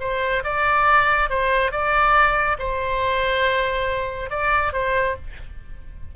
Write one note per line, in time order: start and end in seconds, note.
0.00 0.43 C5
0.44 1.30 D5
1.30 1.72 C5
1.72 2.57 D5
2.59 4.30 C5
4.30 4.73 D5
4.73 5.15 C5